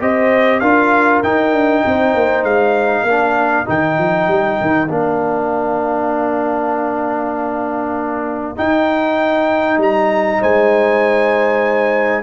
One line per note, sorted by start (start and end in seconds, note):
0.00 0.61 C4
0.00 0.62 G4
0.00 0.60 C5
0.00 0.59 D#5
0.59 1.22 D4
0.59 1.24 F4
0.59 1.83 A#4
0.59 1.21 F5
1.23 1.53 D#4
1.23 3.07 D#4
1.23 2.44 G5
1.53 1.83 D4
1.85 2.14 C4
1.85 3.05 C5
2.14 2.43 A#3
2.43 3.03 G#3
2.43 3.66 F5
3.03 3.64 A#3
3.03 3.65 D4
3.03 10.40 A#4
3.65 3.98 D#3
3.65 4.87 D#4
3.65 4.91 G5
3.98 4.27 F3
4.27 4.58 G3
4.61 4.89 D#3
4.89 8.57 A#3
4.89 8.55 D4
4.89 8.57 F5
8.55 12.22 D#4
8.55 9.77 D#4
8.55 9.79 G5
9.77 10.38 G3
9.77 10.42 A#5
10.40 12.22 G#3
10.40 12.22 C5
10.40 12.22 G#5